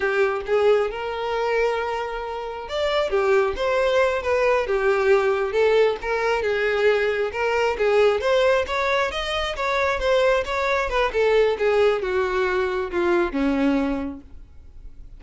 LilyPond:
\new Staff \with { instrumentName = "violin" } { \time 4/4 \tempo 4 = 135 g'4 gis'4 ais'2~ | ais'2 d''4 g'4 | c''4. b'4 g'4.~ | g'8 a'4 ais'4 gis'4.~ |
gis'8 ais'4 gis'4 c''4 cis''8~ | cis''8 dis''4 cis''4 c''4 cis''8~ | cis''8 b'8 a'4 gis'4 fis'4~ | fis'4 f'4 cis'2 | }